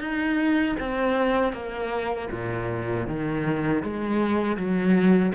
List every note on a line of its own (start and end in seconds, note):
0.00 0.76 D#4
0.79 1.53 C4
1.53 2.29 A#3
2.31 3.07 A#2
3.07 3.83 D#3
3.83 4.57 G#3
4.57 5.33 F#3